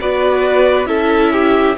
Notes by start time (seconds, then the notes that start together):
0.00 B3 F#4 B4 D5
0.86 C#4 E4 A4 E5
1.33 G4